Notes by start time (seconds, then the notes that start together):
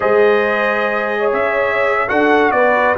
0.00 G#3 G#4 C5 D#5
1.19 C#5
1.32 C#4 E5
2.08 D4 F#4 A4 F#5
2.51 B3 B4 D5